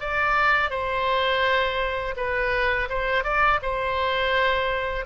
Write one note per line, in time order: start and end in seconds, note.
0.00 0.70 D5
0.70 2.14 C5
2.16 2.88 B4
2.89 3.23 C5
3.23 3.59 D5
3.62 5.05 C5